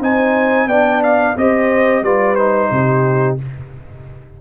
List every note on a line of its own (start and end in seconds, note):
0.00 0.66 C4
0.00 0.69 D#4
0.00 0.68 C5
0.00 0.68 G#5
0.66 1.34 B3
0.66 1.37 D4
0.66 1.36 D5
0.66 1.02 G5
1.03 1.37 F5
1.36 2.01 C4
1.36 2.04 G4
1.36 2.04 C5
1.36 2.04 D#5
2.01 2.68 G3
2.01 2.37 F4
2.01 2.71 B4
2.01 2.35 D5
2.35 3.38 D#4
2.35 3.36 C5
2.71 3.38 C3
2.71 3.41 G4